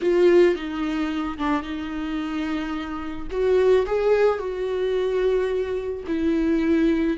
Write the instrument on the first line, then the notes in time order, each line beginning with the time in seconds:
viola
0.01 F4
0.55 D#4
1.38 D4
1.62 D#4
3.30 F#4
3.86 G#4
4.38 F#4
6.07 E4